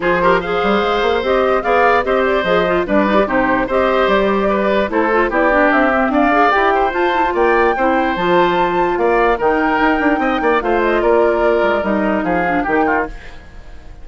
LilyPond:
<<
  \new Staff \with { instrumentName = "flute" } { \time 4/4 \tempo 4 = 147 c''4 f''2 dis''4 | f''4 dis''8 d''8 dis''4 d''4 | c''4 dis''4 d''2 | c''4 d''4 e''4 f''4 |
g''4 a''4 g''2 | a''2 f''4 g''4~ | g''2 f''8 dis''8 d''4~ | d''4 dis''4 f''4 g''4 | }
  \new Staff \with { instrumentName = "oboe" } { \time 4/4 gis'8 ais'8 c''2. | d''4 c''2 b'4 | g'4 c''2 b'4 | a'4 g'2 d''4~ |
d''8 c''4. d''4 c''4~ | c''2 d''4 ais'4~ | ais'4 dis''8 d''8 c''4 ais'4~ | ais'2 gis'4 g'8 f'8 | }
  \new Staff \with { instrumentName = "clarinet" } { \time 4/4 f'8 g'8 gis'2 g'4 | gis'4 g'4 gis'8 f'8 d'8 dis'16 g'16 | dis'4 g'2. | e'8 f'8 e'8 d'4 c'4 gis'8 |
g'4 f'8 e'16 f'4~ f'16 e'4 | f'2. dis'4~ | dis'2 f'2~ | f'4 dis'4. d'8 dis'4 | }
  \new Staff \with { instrumentName = "bassoon" } { \time 4/4 f4. g8 gis8 ais8 c'4 | b4 c'4 f4 g4 | c4 c'4 g2 | a4 b4 c'4 d'4 |
e'4 f'4 ais4 c'4 | f2 ais4 dis4 | dis'8 d'8 c'8 ais8 a4 ais4~ | ais8 gis8 g4 f4 dis4 | }
>>